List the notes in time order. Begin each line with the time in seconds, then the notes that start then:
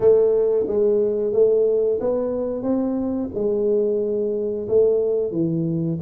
0.00 A3
0.67 G#3
1.32 A3
2.00 B3
2.62 C4
3.34 G#3
4.68 A3
5.32 E3